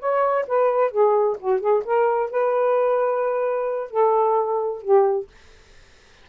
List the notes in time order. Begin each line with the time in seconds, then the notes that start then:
0.00 C#5
0.48 B4
0.92 G#4
1.40 F#4
1.61 G#4
1.85 A#4
2.31 B4
3.91 A4
4.82 G4